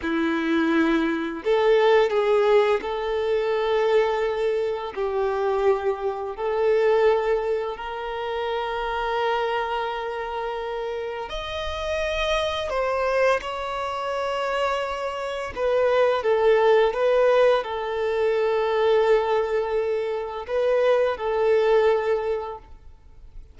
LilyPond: \new Staff \with { instrumentName = "violin" } { \time 4/4 \tempo 4 = 85 e'2 a'4 gis'4 | a'2. g'4~ | g'4 a'2 ais'4~ | ais'1 |
dis''2 c''4 cis''4~ | cis''2 b'4 a'4 | b'4 a'2.~ | a'4 b'4 a'2 | }